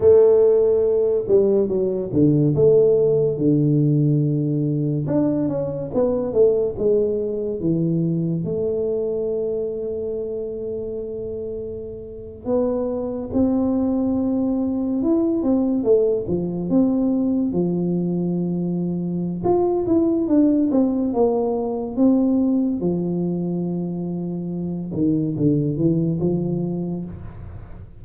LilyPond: \new Staff \with { instrumentName = "tuba" } { \time 4/4 \tempo 4 = 71 a4. g8 fis8 d8 a4 | d2 d'8 cis'8 b8 a8 | gis4 e4 a2~ | a2~ a8. b4 c'16~ |
c'4.~ c'16 e'8 c'8 a8 f8 c'16~ | c'8. f2~ f16 f'8 e'8 | d'8 c'8 ais4 c'4 f4~ | f4. dis8 d8 e8 f4 | }